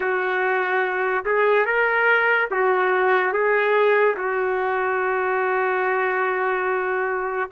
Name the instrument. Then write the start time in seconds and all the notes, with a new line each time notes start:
trumpet
0.00 F#4
1.25 G#4
1.65 A#4
2.50 F#4
3.33 G#4
4.16 F#4